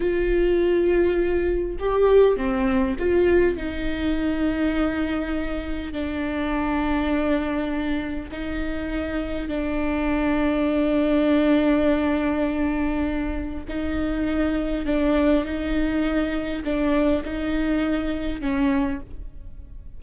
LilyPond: \new Staff \with { instrumentName = "viola" } { \time 4/4 \tempo 4 = 101 f'2. g'4 | c'4 f'4 dis'2~ | dis'2 d'2~ | d'2 dis'2 |
d'1~ | d'2. dis'4~ | dis'4 d'4 dis'2 | d'4 dis'2 cis'4 | }